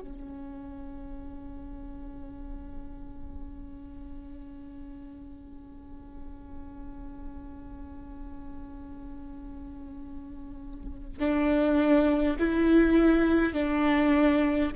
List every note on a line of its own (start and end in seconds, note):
0.00 11.18 C#4
11.19 12.37 D4
12.39 13.53 E4
13.53 14.71 D4